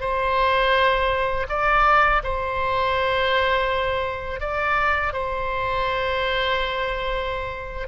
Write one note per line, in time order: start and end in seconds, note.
0.00 1.46 C5
1.49 2.22 D5
2.23 4.40 C5
4.40 5.13 D5
5.13 7.87 C5